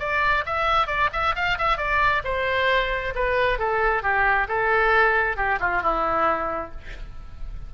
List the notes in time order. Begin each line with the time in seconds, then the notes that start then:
0.00 D5
0.46 E5
0.88 D5
1.13 E5
1.36 F5
1.59 E5
1.78 D5
2.24 C5
3.16 B4
3.59 A4
4.03 G4
4.49 A4
5.37 G4
5.60 F4
5.82 E4